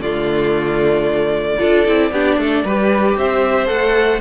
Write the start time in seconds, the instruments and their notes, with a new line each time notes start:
0.00 cello D3, viola A3, violin F4 D5
1.59 cello D4, viola F4, violin A4
1.86 cello C4, viola E4
2.11 cello B3, viola D4, violin G4
2.38 cello A3, violin A4
2.65 cello G3, viola G4, violin B4
3.17 cello C4, violin C5 E5
3.67 cello A3, viola A4, violin F#5